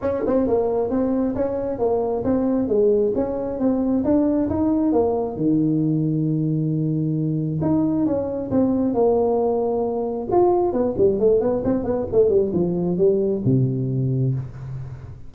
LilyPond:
\new Staff \with { instrumentName = "tuba" } { \time 4/4 \tempo 4 = 134 cis'8 c'8 ais4 c'4 cis'4 | ais4 c'4 gis4 cis'4 | c'4 d'4 dis'4 ais4 | dis1~ |
dis4 dis'4 cis'4 c'4 | ais2. f'4 | b8 g8 a8 b8 c'8 b8 a8 g8 | f4 g4 c2 | }